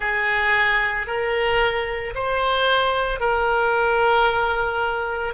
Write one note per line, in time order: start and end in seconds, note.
0.00 1.07 G#4
1.07 2.14 A#4
2.14 3.19 C5
3.19 5.34 A#4